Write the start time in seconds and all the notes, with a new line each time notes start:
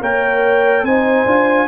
0.00 A#3 A#4 C#5 G5
0.83 C4 D#4 C5 G#5
1.25 D4 F4